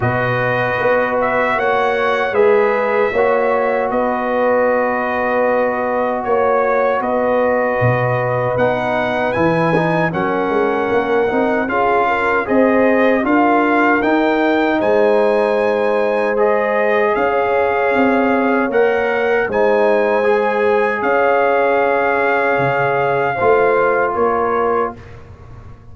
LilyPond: <<
  \new Staff \with { instrumentName = "trumpet" } { \time 4/4 \tempo 4 = 77 dis''4. e''8 fis''4 e''4~ | e''4 dis''2. | cis''4 dis''2 fis''4 | gis''4 fis''2 f''4 |
dis''4 f''4 g''4 gis''4~ | gis''4 dis''4 f''2 | fis''4 gis''2 f''4~ | f''2. cis''4 | }
  \new Staff \with { instrumentName = "horn" } { \time 4/4 b'2 cis''4 b'4 | cis''4 b'2. | cis''4 b'2.~ | b'4 ais'2 gis'8 ais'8 |
c''4 ais'2 c''4~ | c''2 cis''2~ | cis''4 c''2 cis''4~ | cis''2 c''4 ais'4 | }
  \new Staff \with { instrumentName = "trombone" } { \time 4/4 fis'2. gis'4 | fis'1~ | fis'2. dis'4 | e'8 dis'8 cis'4. dis'8 f'4 |
gis'4 f'4 dis'2~ | dis'4 gis'2. | ais'4 dis'4 gis'2~ | gis'2 f'2 | }
  \new Staff \with { instrumentName = "tuba" } { \time 4/4 b,4 b4 ais4 gis4 | ais4 b2. | ais4 b4 b,4 b4 | e4 fis8 gis8 ais8 c'8 cis'4 |
c'4 d'4 dis'4 gis4~ | gis2 cis'4 c'4 | ais4 gis2 cis'4~ | cis'4 cis4 a4 ais4 | }
>>